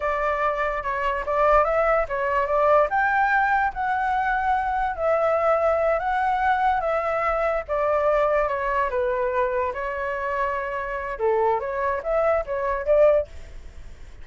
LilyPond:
\new Staff \with { instrumentName = "flute" } { \time 4/4 \tempo 4 = 145 d''2 cis''4 d''4 | e''4 cis''4 d''4 g''4~ | g''4 fis''2. | e''2~ e''8 fis''4.~ |
fis''8 e''2 d''4.~ | d''8 cis''4 b'2 cis''8~ | cis''2. a'4 | cis''4 e''4 cis''4 d''4 | }